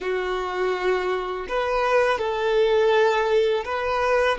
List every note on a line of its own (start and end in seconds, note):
0.00 1.47 F#4
1.48 2.18 B4
2.18 3.64 A4
3.65 4.38 B4